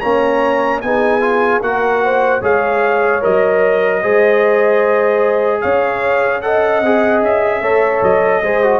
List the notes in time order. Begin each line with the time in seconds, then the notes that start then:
0.00 A#3 C#4 C#5 A#5
0.81 B3 D#4 G#4 G#5
1.20 F4
1.61 A#3 F#4 A#4 F#5
2.04 C5
2.41 G#3 G#4 C#5 F5
3.21 F#3 A#4 D#5
4.02 G#3 G#4 C5
5.61 C#4 C#5 F5
6.41 A4 D#5 F#5
6.82 C4 G#4
7.22 C#4 E5
7.61 A3 A4 C#5
8.02 F#3 D#5
8.41 G#3 G#4 C5
8.63 F#4